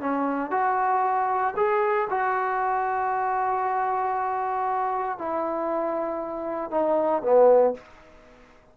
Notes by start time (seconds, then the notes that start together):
0.00 C#4
0.51 F#4
1.56 G#4
2.10 F#4
5.18 E4
6.71 D#4
7.22 B3